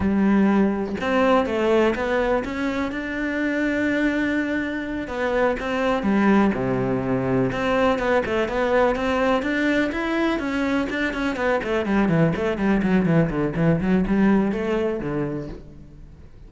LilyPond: \new Staff \with { instrumentName = "cello" } { \time 4/4 \tempo 4 = 124 g2 c'4 a4 | b4 cis'4 d'2~ | d'2~ d'8 b4 c'8~ | c'8 g4 c2 c'8~ |
c'8 b8 a8 b4 c'4 d'8~ | d'8 e'4 cis'4 d'8 cis'8 b8 | a8 g8 e8 a8 g8 fis8 e8 d8 | e8 fis8 g4 a4 d4 | }